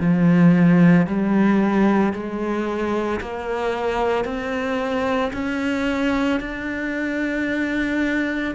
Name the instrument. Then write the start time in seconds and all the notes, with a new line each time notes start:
cello
0.00 F3
1.07 G3
2.13 G#3
3.21 A#3
4.25 C4
5.33 C#4
6.40 D4